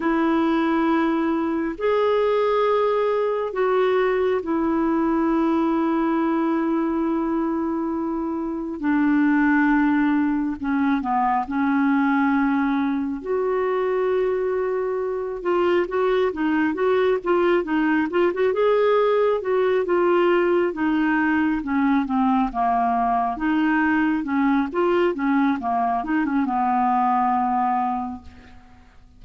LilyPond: \new Staff \with { instrumentName = "clarinet" } { \time 4/4 \tempo 4 = 68 e'2 gis'2 | fis'4 e'2.~ | e'2 d'2 | cis'8 b8 cis'2 fis'4~ |
fis'4. f'8 fis'8 dis'8 fis'8 f'8 | dis'8 f'16 fis'16 gis'4 fis'8 f'4 dis'8~ | dis'8 cis'8 c'8 ais4 dis'4 cis'8 | f'8 cis'8 ais8 dis'16 cis'16 b2 | }